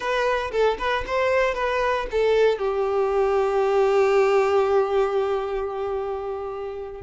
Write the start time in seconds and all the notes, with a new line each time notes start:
0.00 B4
0.51 A4
0.78 B4
1.06 C5
1.54 B4
2.11 A4
2.58 G4